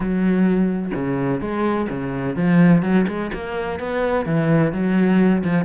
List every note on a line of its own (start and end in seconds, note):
0.00 0.91 F#3
0.94 1.40 C#3
1.40 1.88 G#3
1.89 2.36 C#3
2.36 2.82 F3
2.82 3.06 F#3
3.07 3.31 G#3
3.33 3.79 A#3
3.79 4.25 B3
4.25 4.72 E3
4.72 5.43 F#3
5.43 5.64 F3